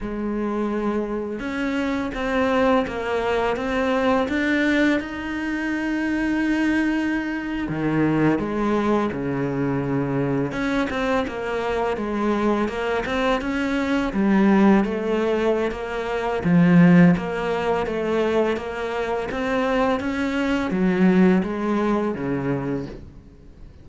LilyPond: \new Staff \with { instrumentName = "cello" } { \time 4/4 \tempo 4 = 84 gis2 cis'4 c'4 | ais4 c'4 d'4 dis'4~ | dis'2~ dis'8. dis4 gis16~ | gis8. cis2 cis'8 c'8 ais16~ |
ais8. gis4 ais8 c'8 cis'4 g16~ | g8. a4~ a16 ais4 f4 | ais4 a4 ais4 c'4 | cis'4 fis4 gis4 cis4 | }